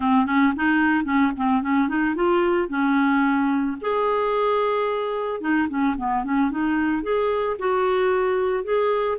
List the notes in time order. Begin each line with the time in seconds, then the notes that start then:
0.00 C4
0.26 C#4
0.56 D#4
1.04 C#4
1.37 C4
1.62 C#4
1.88 D#4
2.15 F4
2.69 C#4
3.81 G#4
5.41 D#4
5.68 C#4
5.97 B3
6.24 C#4
6.50 D#4
7.02 G#4
7.58 F#4
8.63 G#4